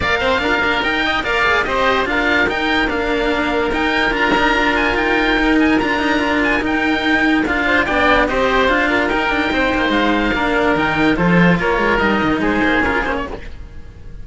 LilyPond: <<
  \new Staff \with { instrumentName = "oboe" } { \time 4/4 \tempo 4 = 145 f''2 g''4 f''4 | dis''4 f''4 g''4 f''4~ | f''4 g''4 ais''4. gis''8 | g''4. gis''8 ais''4. gis''8 |
g''2 f''4 g''4 | dis''4 f''4 g''2 | f''2 g''4 c''4 | cis''4 dis''4 c''4 ais'8 c''16 cis''16 | }
  \new Staff \with { instrumentName = "oboe" } { \time 4/4 d''8 c''8 ais'4. dis''8 d''4 | c''4 ais'2.~ | ais'1~ | ais'1~ |
ais'2~ ais'8 c''8 d''4 | c''4. ais'4. c''4~ | c''4 ais'2 a'4 | ais'2 gis'2 | }
  \new Staff \with { instrumentName = "cello" } { \time 4/4 ais'4 f'8 d'8 dis'4 ais'8 gis'8 | g'4 f'4 dis'4 d'4~ | d'4 dis'4 f'8 dis'8 f'4~ | f'4 dis'4 f'8 dis'8 f'4 |
dis'2 f'4 d'4 | g'4 f'4 dis'2~ | dis'4 d'4 dis'4 f'4~ | f'4 dis'2 f'8 cis'8 | }
  \new Staff \with { instrumentName = "cello" } { \time 4/4 ais8 c'8 d'8 ais8 dis'4 ais4 | c'4 d'4 dis'4 ais4~ | ais4 dis'4 d'2 | dis'2 d'2 |
dis'2 d'4 b4 | c'4 d'4 dis'8 d'8 c'8 ais8 | gis4 ais4 dis4 f4 | ais8 gis8 g8 dis8 gis8 ais8 cis'8 ais8 | }
>>